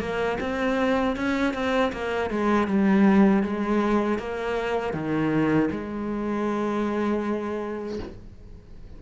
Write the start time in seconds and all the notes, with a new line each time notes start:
0.00 A#3
0.40 C4
1.16 C#4
1.54 C4
1.93 A#3
2.30 G#3
2.68 G3
3.43 G#3
4.19 A#3
4.93 D#3
5.71 G#3